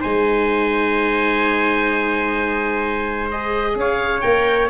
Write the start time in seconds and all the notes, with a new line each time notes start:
0.00 G#3 D#4 C5 G#5
3.30 G#4 D#5
3.75 C#4 C#5 F5
4.20 A#3 A#4 G5